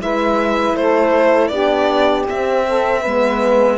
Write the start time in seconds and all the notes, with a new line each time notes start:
0.00 G#3 E4 B4 E5
0.73 A3 A4 C5
1.47 B3 D4 G4 D5
2.28 C4 E5
2.67 A4
2.99 B3 B4
3.05 G#3